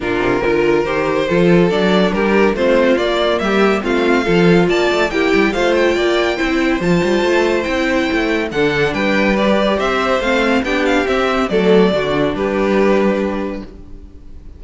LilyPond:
<<
  \new Staff \with { instrumentName = "violin" } { \time 4/4 \tempo 4 = 141 ais'2 c''2 | d''4 ais'4 c''4 d''4 | e''4 f''2 a''4 | g''4 f''8 g''2~ g''8 |
a''2 g''2 | fis''4 g''4 d''4 e''4 | f''4 g''8 f''8 e''4 d''4~ | d''4 b'2. | }
  \new Staff \with { instrumentName = "violin" } { \time 4/4 f'4 ais'2 a'4~ | a'4 g'4 f'2 | g'4 f'4 a'4 d''4 | g'4 c''4 d''4 c''4~ |
c''1 | a'4 b'2 c''4~ | c''4 g'2 a'4 | fis'4 g'2. | }
  \new Staff \with { instrumentName = "viola" } { \time 4/4 d'4 f'4 g'4 f'4 | d'2 c'4 ais4~ | ais4 c'4 f'2 | e'4 f'2 e'4 |
f'2 e'2 | d'2 g'2 | c'4 d'4 c'4 a4 | d'1 | }
  \new Staff \with { instrumentName = "cello" } { \time 4/4 ais,8 c8 d4 dis4 f4 | fis4 g4 a4 ais4 | g4 a4 f4 ais8 a8 | ais8 g8 a4 ais4 c'4 |
f8 g8 a4 c'4 a4 | d4 g2 c'4 | a4 b4 c'4 fis4 | d4 g2. | }
>>